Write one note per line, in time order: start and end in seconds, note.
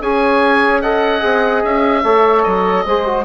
0.00 1.22 C#4
0.00 0.83 G#4
0.00 0.82 C#5
0.00 0.81 G#5
0.81 1.20 A4
0.81 2.03 D#5
0.81 1.62 F#5
1.20 1.63 C4
1.20 2.01 G#4
1.64 2.04 C#4
1.64 2.42 E5
2.03 2.44 A3
2.03 2.85 A4
2.03 2.84 C#5
2.42 2.85 F#3
2.42 3.23 D#5
2.85 3.25 G#3
2.85 3.06 G#4
2.85 3.25 C5
3.06 3.25 F#4